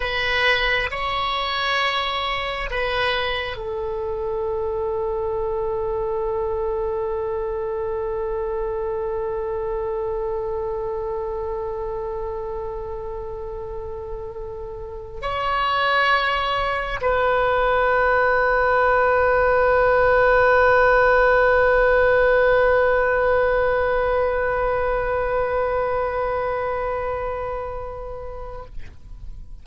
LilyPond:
\new Staff \with { instrumentName = "oboe" } { \time 4/4 \tempo 4 = 67 b'4 cis''2 b'4 | a'1~ | a'1~ | a'1~ |
a'4 cis''2 b'4~ | b'1~ | b'1~ | b'1 | }